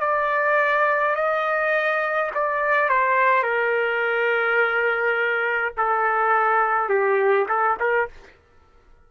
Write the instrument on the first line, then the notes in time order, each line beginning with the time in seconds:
trumpet
0.00 D5
1.15 D#5
2.34 D5
2.89 C5
3.43 A#4
5.77 A4
6.89 G4
7.48 A4
7.80 A#4